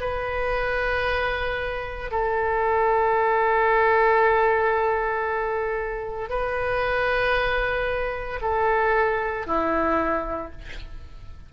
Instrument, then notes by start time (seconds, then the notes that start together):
oboe
0.00 B4
2.11 A4
6.29 B4
8.41 A4
9.46 E4